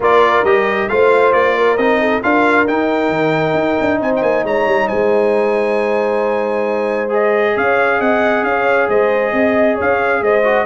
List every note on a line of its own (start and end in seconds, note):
0.00 0.43 A#3
0.00 0.45 F4
0.00 0.91 A#4
0.00 0.44 D5
0.43 0.88 G3
0.43 0.89 G4
0.43 0.88 D#5
0.88 1.33 A3
0.88 1.78 F4
0.88 1.57 C5
0.88 1.32 F5
1.32 1.77 A#3
1.32 1.77 D5
1.57 2.00 A#4
1.77 2.22 C4
1.77 2.22 D#4
1.77 2.21 D#5
2.00 2.22 A4
2.22 2.67 D4
2.22 2.67 F4
2.22 4.00 A#4
2.22 2.67 F5
2.67 7.09 D#4
2.67 3.09 D#4
2.67 4.00 G5
3.09 3.53 D#3
3.53 3.76 D#4
3.80 4.00 D4
4.00 4.22 C4
4.00 4.44 C5
4.00 4.12 G#5
4.16 4.22 G5
4.22 4.44 A#3
4.22 4.44 G#5
4.44 4.66 G#3
4.44 4.88 C#5
4.44 4.88 A#5
4.66 4.88 G3
4.88 7.56 G#3
4.88 7.54 C5
4.88 7.10 G#5
7.09 10.42 G#4
7.09 7.57 D#5
7.55 7.99 C#4
7.55 7.98 C#5
7.55 8.00 F5
7.98 8.43 C4
7.98 8.42 D#5
7.98 8.43 F#5
8.43 8.87 C#4
8.43 8.89 C#5
8.43 8.88 F5
8.88 9.32 G#3
8.88 9.33 C5
8.88 9.78 D#5
9.32 9.77 C4
9.32 9.75 D#5
9.75 10.21 C#4
9.75 10.19 C#5
9.75 10.23 F5
10.21 10.65 G#3
10.21 10.65 C5
10.21 10.65 D#5
10.43 10.65 F#4